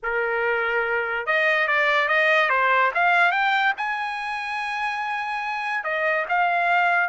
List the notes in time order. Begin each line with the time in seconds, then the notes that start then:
0.02 A#4
1.26 D#5
1.67 D5
2.08 D#5
2.49 C5
2.94 F5
3.31 G5
3.77 G#5
5.83 D#5
6.28 F5